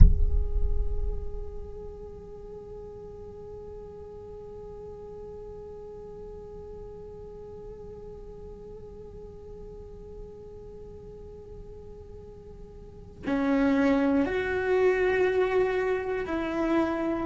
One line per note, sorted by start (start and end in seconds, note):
0.00 13.22 G#4
13.26 14.25 C#4
14.25 16.25 F#4
16.25 17.25 E4